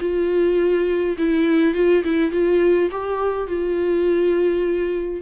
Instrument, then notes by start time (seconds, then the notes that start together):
viola
0.00 F4
1.18 E4
1.74 F4
2.04 E4
2.31 F4
2.90 G4
3.47 F4